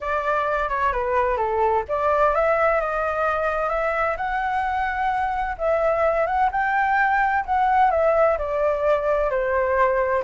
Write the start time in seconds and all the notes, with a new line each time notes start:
0.00 D5
0.69 C#5
0.92 B4
1.37 A4
1.88 D5
2.34 E5
2.80 D#5
3.69 E5
4.16 F#5
5.58 E5
6.26 F#5
6.51 G5
7.45 F#5
7.91 E5
8.38 D5
9.30 C5